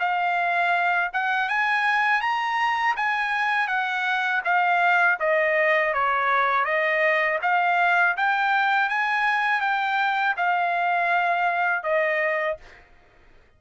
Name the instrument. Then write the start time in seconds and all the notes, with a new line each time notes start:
trumpet
0.00 F5
1.13 F#5
1.49 G#5
2.22 A#5
2.97 G#5
3.68 F#5
4.45 F5
5.20 D#5
5.94 C#5
6.65 D#5
7.43 F5
8.17 G5
8.90 G#5
9.61 G5
10.37 F5
11.84 D#5